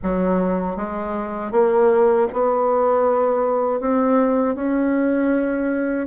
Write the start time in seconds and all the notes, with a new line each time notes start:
0.02 F#3
0.76 G#3
1.51 A#3
2.32 B3
3.80 C4
4.55 C#4